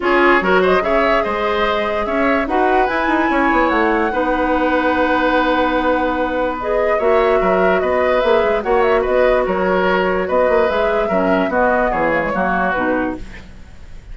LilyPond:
<<
  \new Staff \with { instrumentName = "flute" } { \time 4/4 \tempo 4 = 146 cis''4. dis''8 e''4 dis''4~ | dis''4 e''4 fis''4 gis''4~ | gis''4 fis''2.~ | fis''1 |
dis''4 e''2 dis''4 | e''4 fis''8 e''8 dis''4 cis''4~ | cis''4 dis''4 e''2 | dis''4 cis''2 b'4 | }
  \new Staff \with { instrumentName = "oboe" } { \time 4/4 gis'4 ais'8 c''8 cis''4 c''4~ | c''4 cis''4 b'2 | cis''2 b'2~ | b'1~ |
b'4 cis''4 ais'4 b'4~ | b'4 cis''4 b'4 ais'4~ | ais'4 b'2 ais'4 | fis'4 gis'4 fis'2 | }
  \new Staff \with { instrumentName = "clarinet" } { \time 4/4 f'4 fis'4 gis'2~ | gis'2 fis'4 e'4~ | e'2 dis'2~ | dis'1 |
gis'4 fis'2. | gis'4 fis'2.~ | fis'2 gis'4 cis'4 | b4. ais16 gis16 ais4 dis'4 | }
  \new Staff \with { instrumentName = "bassoon" } { \time 4/4 cis'4 fis4 cis4 gis4~ | gis4 cis'4 dis'4 e'8 dis'8 | cis'8 b8 a4 b2~ | b1~ |
b4 ais4 fis4 b4 | ais8 gis8 ais4 b4 fis4~ | fis4 b8 ais8 gis4 fis4 | b4 e4 fis4 b,4 | }
>>